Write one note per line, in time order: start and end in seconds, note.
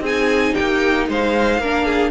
0.00 0.52 C4
0.00 1.60 D#4
0.00 0.53 G#4
0.00 0.54 G#5
0.53 1.08 A#3
0.53 1.06 G4
0.53 1.06 G5
1.08 1.58 G#3
1.08 1.60 C5
1.08 2.10 F5
1.58 2.10 A#3
1.58 2.10 D4
1.58 1.85 A#4
1.85 2.10 G#4